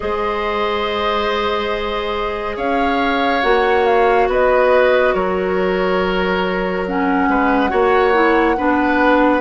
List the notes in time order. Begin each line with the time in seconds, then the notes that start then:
0.00 G#3 G#4 C5 D#5
2.56 C#4 C#5 F5
3.42 A#3 F#4 F#5
3.85 F5
4.28 B3 B4 D#5
5.14 F#3 A#4 C#5
6.87 C#4 F#5
7.28 G#3 B4
7.69 A#3 F#4 C#5
8.13 E4
8.57 B3 D4 B4